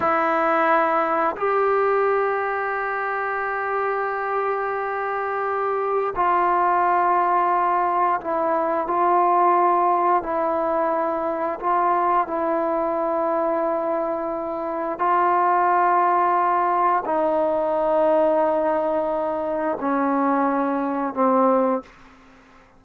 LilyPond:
\new Staff \with { instrumentName = "trombone" } { \time 4/4 \tempo 4 = 88 e'2 g'2~ | g'1~ | g'4 f'2. | e'4 f'2 e'4~ |
e'4 f'4 e'2~ | e'2 f'2~ | f'4 dis'2.~ | dis'4 cis'2 c'4 | }